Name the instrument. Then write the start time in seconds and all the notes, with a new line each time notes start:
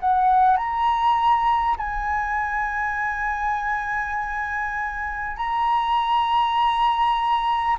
flute
0.00 F#5
0.57 A#5
1.77 G#5
5.37 A#5